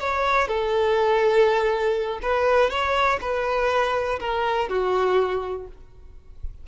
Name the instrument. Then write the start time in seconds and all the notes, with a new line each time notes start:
violin
0.00 C#5
0.48 A4
2.22 B4
2.70 C#5
3.21 B4
4.20 A#4
4.69 F#4